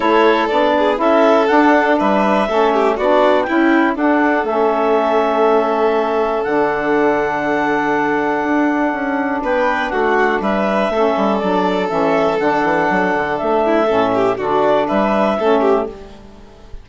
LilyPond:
<<
  \new Staff \with { instrumentName = "clarinet" } { \time 4/4 \tempo 4 = 121 cis''4 d''4 e''4 fis''4 | e''2 d''4 g''4 | fis''4 e''2.~ | e''4 fis''2.~ |
fis''2. g''4 | fis''4 e''2 d''4 | e''4 fis''2 e''4~ | e''4 d''4 e''2 | }
  \new Staff \with { instrumentName = "violin" } { \time 4/4 a'4. gis'8 a'2 | b'4 a'8 g'8 fis'4 e'4 | a'1~ | a'1~ |
a'2. b'4 | fis'4 b'4 a'2~ | a'2.~ a'8 e'8 | a'8 g'8 fis'4 b'4 a'8 g'8 | }
  \new Staff \with { instrumentName = "saxophone" } { \time 4/4 e'4 d'4 e'4 d'4~ | d'4 cis'4 d'4 e'4 | d'4 cis'2.~ | cis'4 d'2.~ |
d'1~ | d'2 cis'4 d'4 | cis'4 d'2. | cis'4 d'2 cis'4 | }
  \new Staff \with { instrumentName = "bassoon" } { \time 4/4 a4 b4 cis'4 d'4 | g4 a4 b4 cis'4 | d'4 a2.~ | a4 d2.~ |
d4 d'4 cis'4 b4 | a4 g4 a8 g8 fis4 | e4 d8 e8 fis8 d8 a4 | a,4 d4 g4 a4 | }
>>